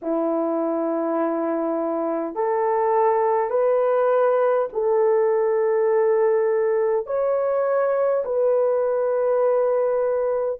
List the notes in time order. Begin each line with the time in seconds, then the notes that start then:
0.02 E4
2.34 A4
3.50 B4
4.72 A4
7.06 C#5
8.24 B4